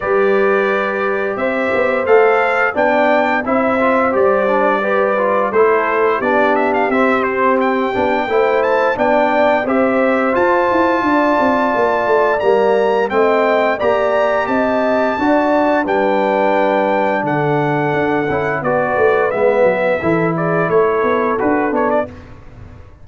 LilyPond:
<<
  \new Staff \with { instrumentName = "trumpet" } { \time 4/4 \tempo 4 = 87 d''2 e''4 f''4 | g''4 e''4 d''2 | c''4 d''8 e''16 f''16 e''8 c''8 g''4~ | g''8 a''8 g''4 e''4 a''4~ |
a''2 ais''4 g''4 | ais''4 a''2 g''4~ | g''4 fis''2 d''4 | e''4. d''8 cis''4 b'8 cis''16 d''16 | }
  \new Staff \with { instrumentName = "horn" } { \time 4/4 b'2 c''2 | d''4 c''2 b'4 | a'4 g'2. | c''4 d''4 c''2 |
d''2. dis''4 | d''4 dis''4 d''4 b'4~ | b'4 a'2 b'4~ | b'4 a'8 gis'8 a'2 | }
  \new Staff \with { instrumentName = "trombone" } { \time 4/4 g'2. a'4 | d'4 e'8 f'8 g'8 d'8 g'8 f'8 | e'4 d'4 c'4. d'8 | e'4 d'4 g'4 f'4~ |
f'2 ais4 c'4 | g'2 fis'4 d'4~ | d'2~ d'8 e'8 fis'4 | b4 e'2 fis'8 d'8 | }
  \new Staff \with { instrumentName = "tuba" } { \time 4/4 g2 c'8 b8 a4 | b4 c'4 g2 | a4 b4 c'4. b8 | a4 b4 c'4 f'8 e'8 |
d'8 c'8 ais8 a8 g4 a4 | ais4 c'4 d'4 g4~ | g4 d4 d'8 cis'8 b8 a8 | gis8 fis8 e4 a8 b8 d'8 b8 | }
>>